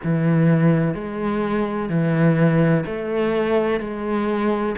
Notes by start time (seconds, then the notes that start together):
0.03 E3
0.94 G#3
1.89 E3
2.86 A3
3.80 G#3